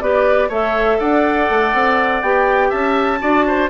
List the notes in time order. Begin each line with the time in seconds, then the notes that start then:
0.00 B3 G4 B4 D5
0.48 A3 A4 C#5 E5
0.99 D4 D5 F#5
1.49 A3
1.73 C4
2.21 B3 G4 G5
2.69 C#4 E5 A5
3.19 D4 F#4 D5
3.47 C5